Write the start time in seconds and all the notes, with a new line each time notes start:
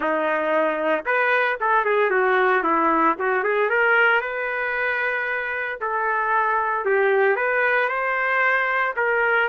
0.00 D#4
1.05 B4
1.60 A4
1.84 G#4
2.10 F#4
2.63 E4
3.18 F#4
3.43 G#4
3.69 A#4
4.21 B4
5.80 A4
6.85 G4
7.36 B4
7.89 C5
8.96 A#4